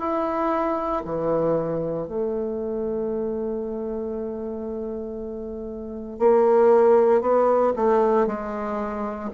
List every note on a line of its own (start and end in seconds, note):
0.00 1.03 E4
1.05 2.07 E3
2.07 6.19 A3
6.19 7.21 A#3
7.21 7.73 B3
7.76 8.27 A3
8.27 9.31 G#3